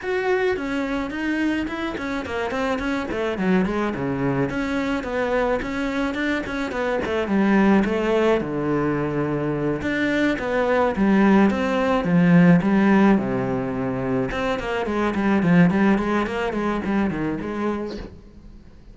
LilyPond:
\new Staff \with { instrumentName = "cello" } { \time 4/4 \tempo 4 = 107 fis'4 cis'4 dis'4 e'8 cis'8 | ais8 c'8 cis'8 a8 fis8 gis8 cis4 | cis'4 b4 cis'4 d'8 cis'8 | b8 a8 g4 a4 d4~ |
d4. d'4 b4 g8~ | g8 c'4 f4 g4 c8~ | c4. c'8 ais8 gis8 g8 f8 | g8 gis8 ais8 gis8 g8 dis8 gis4 | }